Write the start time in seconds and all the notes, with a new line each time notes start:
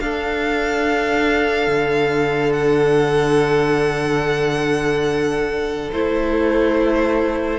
0.00 D4 A4 F5
1.67 D3
2.53 F#5
5.92 A3 E4 C5